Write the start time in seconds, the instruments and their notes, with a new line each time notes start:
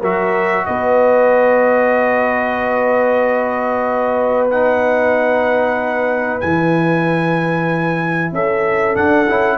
0.00 tuba F#3, trombone F#4, horn A#4, trumpet E5
0.66 tuba B3, horn B4, trumpet D#5
4.50 trombone D#4, trumpet F#5
6.40 tuba E3, trombone E4, trumpet G#5
8.32 tuba C#4, horn A4, trumpet E5
8.94 trombone D4, tuba D4, trumpet F#5
9.28 tuba C#4, trombone E4